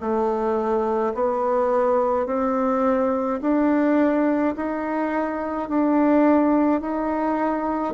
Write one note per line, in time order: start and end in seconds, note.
0.00 1.13 A3
1.14 2.26 B3
2.26 3.39 C4
3.41 4.54 D4
4.56 5.69 D#4
5.69 6.81 D4
6.81 7.93 D#4